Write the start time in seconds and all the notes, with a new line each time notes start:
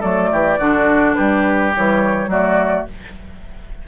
0.00 F#3 A3 A4 D5
0.32 E3 G4
0.59 D3 D4 F#4
1.15 G3 G4 B4
1.75 E3 G3 C#5
2.27 F#3 A3 F#4 D5